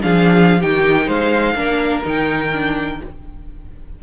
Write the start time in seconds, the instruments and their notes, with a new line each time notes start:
0.00 cello F3, viola D4, violin G#4 F5
0.60 cello D#3, viola D#4, violin G4 G5
1.06 cello G#3, violin C5 F5
1.55 cello A#3, viola D4, violin A#4
2.04 cello D#3, viola D#4, violin G5
2.53 viola D4